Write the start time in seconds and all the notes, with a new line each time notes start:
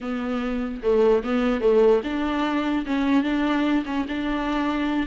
0.00 B3
0.82 A3
1.23 B3
1.60 A3
2.04 D4
2.85 C#4
3.23 D4
3.85 C#4
4.08 D4